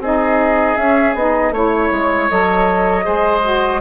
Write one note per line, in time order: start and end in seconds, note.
0.00 0.76 C4
0.00 0.78 D#4
0.00 1.54 G#4
0.00 0.77 D#5
0.77 1.16 C#4
0.77 1.15 C#4
0.77 1.15 E5
1.15 1.51 B3
1.15 1.55 D#4
1.15 1.54 D#5
1.51 1.89 A3
1.51 2.31 E4
1.51 3.05 C#5
1.51 2.30 C#5
1.92 2.30 G#3
2.30 3.07 F#3
2.30 3.03 A4
2.30 3.81 D#5
3.03 3.81 G#3
3.03 3.41 G#4
3.03 3.81 C5
3.44 3.81 F#4